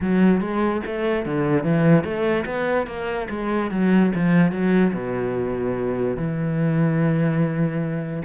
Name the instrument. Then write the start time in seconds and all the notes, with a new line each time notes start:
cello
0.01 F#3
0.40 G#3
0.85 A3
1.25 D3
1.63 E3
2.03 A3
2.45 B3
2.86 A#3
3.29 G#3
3.70 F#3
4.15 F3
4.51 F#3
4.93 B2
6.16 E3